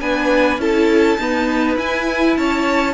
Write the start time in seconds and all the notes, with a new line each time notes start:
0.00 B3 D4 B4 G#5
0.57 C#4 E4 A4 A5
1.18 B3 D#4 B4
1.77 E4 G#5
2.37 C#4 C#5 A5